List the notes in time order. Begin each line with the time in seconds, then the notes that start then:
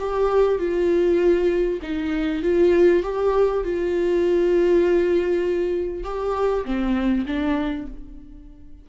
0.00 G4
0.59 F4
1.83 D#4
2.43 F4
3.04 G4
3.64 F4
6.04 G4
6.65 C4
7.27 D4